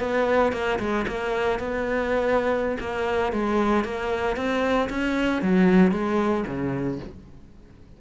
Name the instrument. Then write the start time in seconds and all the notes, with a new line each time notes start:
cello
0.00 B3
0.53 A#3
0.79 G#3
1.08 A#3
1.59 B3
2.80 A#3
3.33 G#3
3.85 A#3
4.37 C4
4.90 C#4
5.42 F#3
5.92 G#3
6.47 C#3